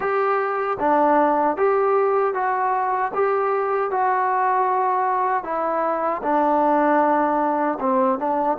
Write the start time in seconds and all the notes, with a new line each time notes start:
0.00 G4
0.79 D4
1.57 G4
2.33 F#4
3.14 G4
3.91 F#4
5.43 E4
6.22 D4
7.80 C4
8.18 D4